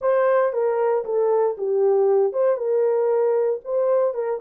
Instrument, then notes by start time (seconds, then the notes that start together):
horn
0.01 C5
0.52 A#4
1.04 A4
1.57 G4
2.33 C5
2.56 A#4
3.64 C5
4.14 A#4